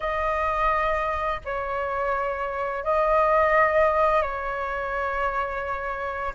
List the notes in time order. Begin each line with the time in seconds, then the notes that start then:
0.00 D#5
1.44 C#5
2.84 D#5
4.22 C#5